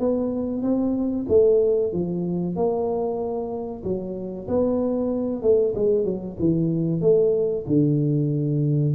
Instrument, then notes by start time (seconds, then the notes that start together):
tuba
0.00 B3
0.63 C4
1.29 A3
1.93 F3
2.56 A#3
3.84 F#3
4.48 B3
5.43 A3
5.75 G#3
6.05 F#3
6.40 E3
7.02 A3
7.67 D3